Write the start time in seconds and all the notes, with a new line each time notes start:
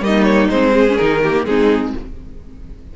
0.00 G3 A#3 D#4 D#5
0.23 C#5
0.49 G#3 C4 C5
0.73 G#4
0.88 C#4
0.96 D#3 D#4 A#4
1.22 A#3 G4
1.44 G#3 C4 D#4 G#4